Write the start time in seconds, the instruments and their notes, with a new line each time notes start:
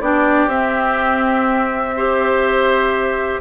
0.00 bassoon B3, clarinet D4, oboe G4, flute D5
0.46 bassoon C4, clarinet C4, flute E5
1.96 clarinet G4, oboe C5